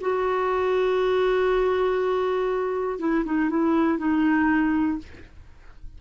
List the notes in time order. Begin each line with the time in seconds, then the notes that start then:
0.00 F#4
2.99 E4
3.25 D#4
3.49 E4
3.98 D#4